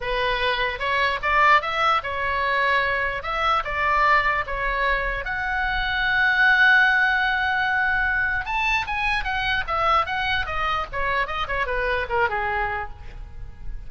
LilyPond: \new Staff \with { instrumentName = "oboe" } { \time 4/4 \tempo 4 = 149 b'2 cis''4 d''4 | e''4 cis''2. | e''4 d''2 cis''4~ | cis''4 fis''2.~ |
fis''1~ | fis''4 a''4 gis''4 fis''4 | e''4 fis''4 dis''4 cis''4 | dis''8 cis''8 b'4 ais'8 gis'4. | }